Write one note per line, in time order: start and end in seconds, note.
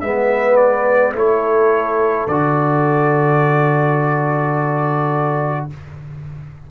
0.00 1.13 G#3
0.00 1.15 B3
0.00 1.16 B4
0.00 0.56 E5
0.56 1.12 D5
1.13 2.26 A3
1.13 2.28 E4
1.13 5.70 A4
1.13 2.28 C#5
2.27 5.67 D3
2.27 5.70 F#4
2.27 5.67 D5